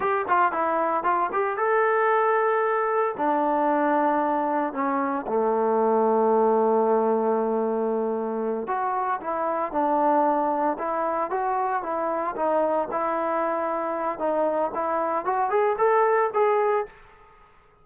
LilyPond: \new Staff \with { instrumentName = "trombone" } { \time 4/4 \tempo 4 = 114 g'8 f'8 e'4 f'8 g'8 a'4~ | a'2 d'2~ | d'4 cis'4 a2~ | a1~ |
a8 fis'4 e'4 d'4.~ | d'8 e'4 fis'4 e'4 dis'8~ | dis'8 e'2~ e'8 dis'4 | e'4 fis'8 gis'8 a'4 gis'4 | }